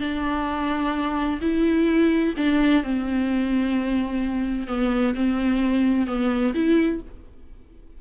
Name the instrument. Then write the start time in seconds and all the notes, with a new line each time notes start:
viola
0.00 D4
1.41 E4
2.37 D4
2.84 C4
4.68 B3
5.14 C4
6.07 B3
6.54 E4